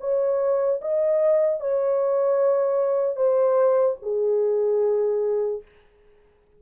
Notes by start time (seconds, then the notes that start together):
0.00 C#5
0.81 D#5
1.60 C#5
3.16 C5
4.02 G#4